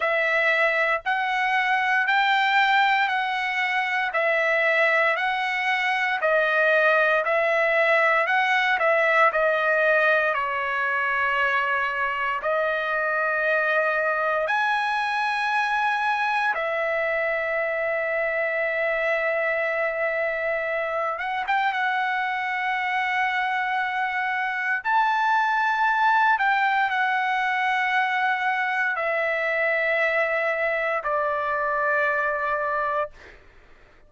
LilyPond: \new Staff \with { instrumentName = "trumpet" } { \time 4/4 \tempo 4 = 58 e''4 fis''4 g''4 fis''4 | e''4 fis''4 dis''4 e''4 | fis''8 e''8 dis''4 cis''2 | dis''2 gis''2 |
e''1~ | e''8 fis''16 g''16 fis''2. | a''4. g''8 fis''2 | e''2 d''2 | }